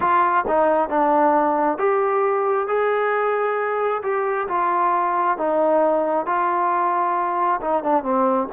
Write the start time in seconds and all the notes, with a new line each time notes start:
0.00 F4
0.47 D#4
0.89 D4
1.78 G4
2.67 G#4
4.03 G4
4.48 F4
5.37 D#4
6.26 F4
7.61 D#4
7.83 D4
8.03 C4